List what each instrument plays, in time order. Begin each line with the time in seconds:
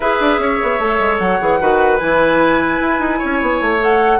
0.00 bassoon E4, clarinet G#4, oboe B4, flute E5
0.20 bassoon D4
0.38 bassoon C#4, oboe C#5
0.62 bassoon B3
0.79 bassoon A3, clarinet A4
0.99 bassoon G#3
1.18 bassoon F#3, flute F#5
1.39 bassoon E3, clarinet G#4
1.60 bassoon D#3, clarinet F#4, oboe B4
1.97 bassoon E3, clarinet E4, flute G#5
2.80 bassoon E4
2.99 bassoon D#4
3.19 bassoon C#4, oboe C#5
3.41 bassoon B3
3.60 bassoon A3
3.80 clarinet A4, flute F#5